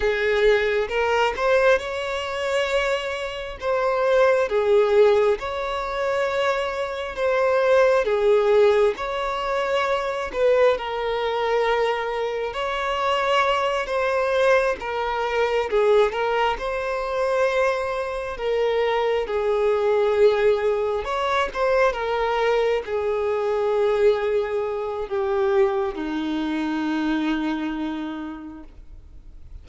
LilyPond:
\new Staff \with { instrumentName = "violin" } { \time 4/4 \tempo 4 = 67 gis'4 ais'8 c''8 cis''2 | c''4 gis'4 cis''2 | c''4 gis'4 cis''4. b'8 | ais'2 cis''4. c''8~ |
c''8 ais'4 gis'8 ais'8 c''4.~ | c''8 ais'4 gis'2 cis''8 | c''8 ais'4 gis'2~ gis'8 | g'4 dis'2. | }